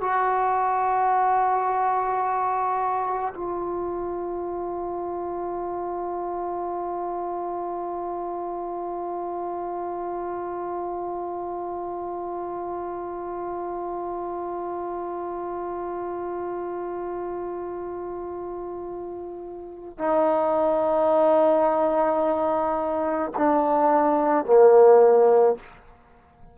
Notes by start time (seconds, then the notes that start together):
0.00 F#4
3.34 F4
19.98 D#4
23.37 D4
24.45 A#3